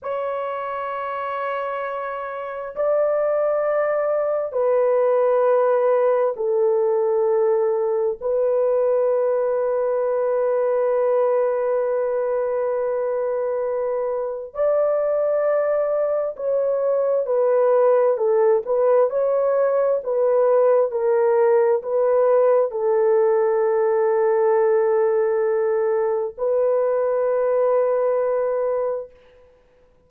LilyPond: \new Staff \with { instrumentName = "horn" } { \time 4/4 \tempo 4 = 66 cis''2. d''4~ | d''4 b'2 a'4~ | a'4 b'2.~ | b'1 |
d''2 cis''4 b'4 | a'8 b'8 cis''4 b'4 ais'4 | b'4 a'2.~ | a'4 b'2. | }